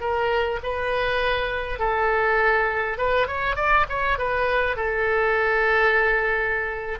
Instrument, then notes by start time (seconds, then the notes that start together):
oboe
0.00 A#4
0.63 B4
1.79 A4
2.98 B4
3.27 C#5
3.56 D5
3.89 C#5
4.18 B4
4.76 A4